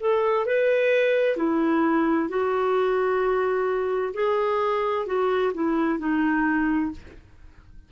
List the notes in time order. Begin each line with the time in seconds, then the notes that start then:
0.00 A4
0.46 B4
1.37 E4
2.29 F#4
4.14 G#4
5.06 F#4
5.54 E4
5.99 D#4